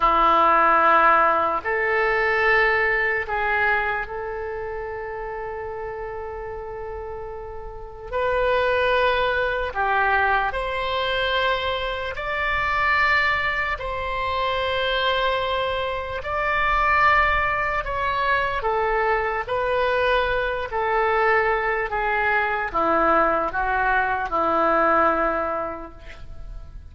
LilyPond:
\new Staff \with { instrumentName = "oboe" } { \time 4/4 \tempo 4 = 74 e'2 a'2 | gis'4 a'2.~ | a'2 b'2 | g'4 c''2 d''4~ |
d''4 c''2. | d''2 cis''4 a'4 | b'4. a'4. gis'4 | e'4 fis'4 e'2 | }